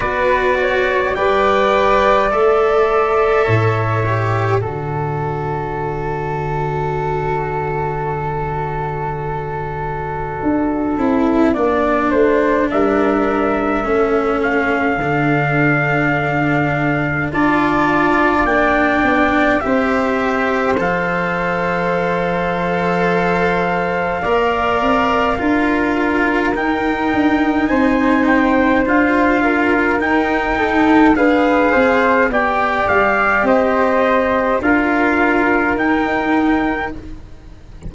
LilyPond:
<<
  \new Staff \with { instrumentName = "trumpet" } { \time 4/4 \tempo 4 = 52 d''4 g''4 e''2 | d''1~ | d''2. e''4~ | e''8 f''2~ f''8 a''4 |
g''4 e''4 f''2~ | f''2. g''4 | gis''8 g''8 f''4 g''4 f''4 | g''8 f''8 dis''4 f''4 g''4 | }
  \new Staff \with { instrumentName = "flute" } { \time 4/4 b'8 cis''8 d''2 cis''4 | a'1~ | a'2 d''8 c''8 ais'4 | a'2. d''4~ |
d''4 c''2.~ | c''4 d''4 ais'2 | c''4. ais'4 a'8 b'8 c''8 | d''4 c''4 ais'2 | }
  \new Staff \with { instrumentName = "cello" } { \time 4/4 fis'4 b'4 a'4. g'8 | fis'1~ | fis'4. e'8 d'2 | cis'4 d'2 f'4 |
d'4 g'4 a'2~ | a'4 ais'4 f'4 dis'4~ | dis'4 f'4 dis'4 gis'4 | g'2 f'4 dis'4 | }
  \new Staff \with { instrumentName = "tuba" } { \time 4/4 b4 g4 a4 a,4 | d1~ | d4 d'8 c'8 ais8 a8 g4 | a4 d2 d'4 |
ais8 b8 c'4 f2~ | f4 ais8 c'8 d'4 dis'8 d'8 | c'4 d'4 dis'4 d'8 c'8 | b8 g8 c'4 d'4 dis'4 | }
>>